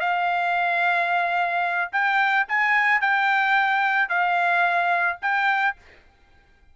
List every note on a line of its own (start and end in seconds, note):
0.00 1.91 F5
1.92 2.46 G5
2.48 3.01 G#5
3.01 4.09 G5
4.09 5.18 F5
5.22 5.76 G5